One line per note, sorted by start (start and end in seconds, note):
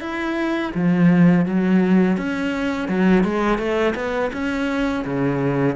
0.00 0.71 E4
0.74 1.45 F3
1.45 2.17 F#3
2.17 2.88 C#4
2.88 3.24 F#3
3.24 3.58 G#3
3.58 3.94 A3
3.95 4.31 B3
4.32 5.04 C#4
5.05 5.75 C#3